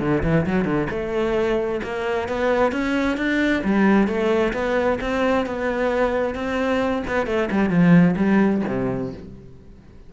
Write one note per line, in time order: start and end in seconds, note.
0.00 0.23 D3
0.23 0.46 E3
0.46 0.65 F#3
0.65 0.88 D3
0.90 1.81 A3
1.83 2.29 A#3
2.29 2.72 B3
2.72 3.17 C#4
3.17 3.63 D4
3.64 4.08 G3
4.08 4.53 A3
4.53 4.99 B3
5.01 5.46 C4
5.46 6.35 B3
6.35 7.03 C4
7.07 7.27 B3
7.27 7.49 A3
7.51 7.70 G3
7.70 8.15 F3
8.17 8.62 G3
8.68 9.13 C3